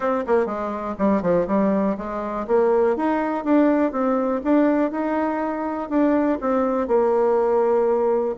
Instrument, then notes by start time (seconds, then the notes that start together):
bassoon
0.00 C4
0.26 A#3
0.46 G#3
0.98 G3
1.22 F3
1.47 G3
1.97 G#3
2.47 A#3
2.96 D#4
3.44 D4
3.92 C4
4.44 D4
4.91 D#4
5.89 D4
6.40 C4
6.87 A#3